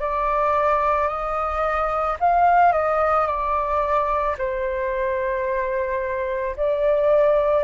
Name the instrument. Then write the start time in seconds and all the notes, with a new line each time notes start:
flute
0.00 D5
1.08 D#5
2.20 F5
2.73 D#5
3.27 D5
4.38 C5
6.57 D5